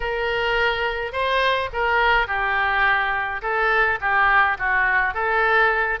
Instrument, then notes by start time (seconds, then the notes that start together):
oboe
0.00 A#4
1.12 C5
1.72 A#4
2.27 G4
3.42 A4
4.00 G4
4.58 F#4
5.14 A4